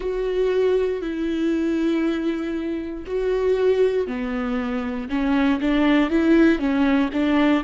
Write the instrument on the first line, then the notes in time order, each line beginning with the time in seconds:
viola
0.00 F#4
1.01 E4
3.06 F#4
4.07 B3
5.08 C#4
5.60 D4
6.10 E4
6.58 C#4
7.12 D4